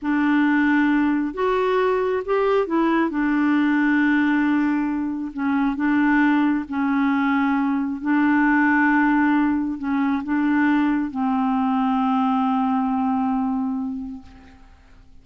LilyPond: \new Staff \with { instrumentName = "clarinet" } { \time 4/4 \tempo 4 = 135 d'2. fis'4~ | fis'4 g'4 e'4 d'4~ | d'1 | cis'4 d'2 cis'4~ |
cis'2 d'2~ | d'2 cis'4 d'4~ | d'4 c'2.~ | c'1 | }